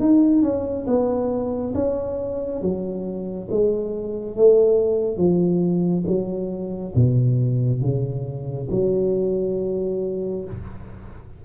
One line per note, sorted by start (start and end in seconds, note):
0.00 0.43 D#4
0.43 0.87 C#4
0.87 1.74 B3
1.75 2.62 C#4
2.62 3.49 F#3
3.51 4.37 G#3
4.37 5.18 A3
5.18 6.05 F3
6.07 6.94 F#3
6.96 7.82 B2
7.82 8.69 C#3
8.71 10.45 F#3